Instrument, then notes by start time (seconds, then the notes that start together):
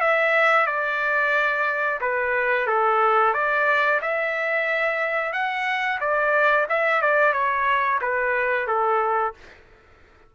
trumpet
0.00 E5
0.66 D5
2.01 B4
2.66 A4
3.33 D5
4.02 E5
5.32 F#5
6.00 D5
6.68 E5
7.01 D5
7.32 C#5
8.01 B4
8.67 A4